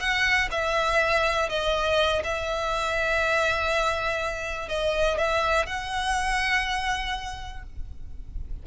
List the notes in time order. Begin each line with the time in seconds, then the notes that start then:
0.00 F#5
0.51 E5
1.49 D#5
2.24 E5
4.69 D#5
5.18 E5
5.66 F#5